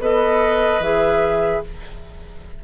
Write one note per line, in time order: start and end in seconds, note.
0.00 0.80 B3
0.00 0.82 A4
0.00 1.64 B4
0.00 0.83 D#5
0.80 1.61 E3
0.80 1.64 G#4
0.80 1.64 E5